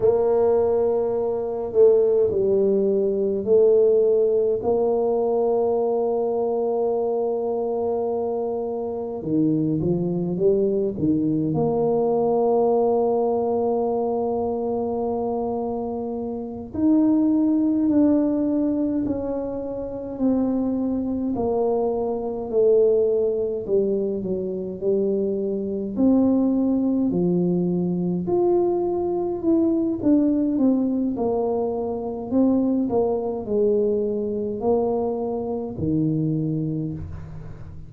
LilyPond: \new Staff \with { instrumentName = "tuba" } { \time 4/4 \tempo 4 = 52 ais4. a8 g4 a4 | ais1 | dis8 f8 g8 dis8 ais2~ | ais2~ ais8 dis'4 d'8~ |
d'8 cis'4 c'4 ais4 a8~ | a8 g8 fis8 g4 c'4 f8~ | f8 f'4 e'8 d'8 c'8 ais4 | c'8 ais8 gis4 ais4 dis4 | }